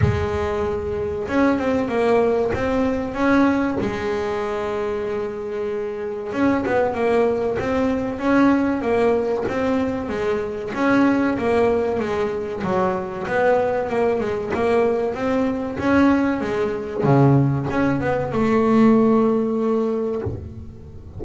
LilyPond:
\new Staff \with { instrumentName = "double bass" } { \time 4/4 \tempo 4 = 95 gis2 cis'8 c'8 ais4 | c'4 cis'4 gis2~ | gis2 cis'8 b8 ais4 | c'4 cis'4 ais4 c'4 |
gis4 cis'4 ais4 gis4 | fis4 b4 ais8 gis8 ais4 | c'4 cis'4 gis4 cis4 | cis'8 b8 a2. | }